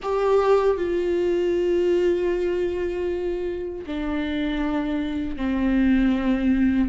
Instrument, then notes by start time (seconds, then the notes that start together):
viola
0.02 G4
0.77 F4
3.86 D4
5.37 C4